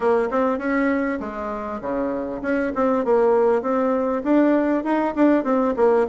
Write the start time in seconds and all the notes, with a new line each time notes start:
0.00 A#3
0.30 C4
0.58 C#4
1.20 G#3
1.81 C#3
2.42 C#4
2.75 C4
3.04 A#3
3.62 C4
4.23 D4
4.84 D#4
5.15 D4
5.44 C4
5.76 A#3